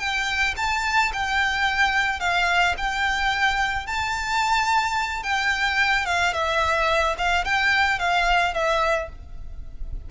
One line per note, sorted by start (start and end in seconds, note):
0.00 0.55 G5
0.57 1.12 A5
1.13 2.20 G5
2.20 2.75 F5
2.78 3.87 G5
3.87 5.23 A5
5.23 6.06 G5
6.06 6.34 F5
6.34 7.16 E5
7.18 7.45 F5
7.45 7.99 G5
7.99 8.54 F5
8.54 9.09 E5